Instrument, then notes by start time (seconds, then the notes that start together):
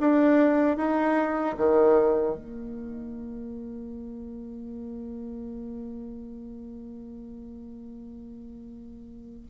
bassoon
0.00 D4
0.77 D#4
1.58 D#3
2.36 A#3